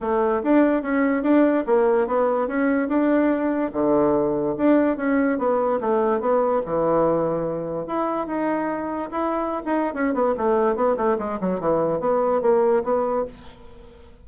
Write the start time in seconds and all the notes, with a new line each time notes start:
0.00 A3
0.43 D4
0.82 C#4
1.22 D4
1.66 A#3
2.07 B3
2.47 C#4
2.88 D4
3.72 D3
4.57 D4
4.97 C#4
5.38 B3
5.80 A3
6.20 B3
6.65 E3
7.86 E4
8.26 D#4
9.11 E4
9.65 D#4
9.94 C#4
10.13 B3
10.37 A3
10.75 B3
10.96 A3
11.18 G#3
11.40 F#3
11.60 E3
12.00 B3
12.41 A#3
12.83 B3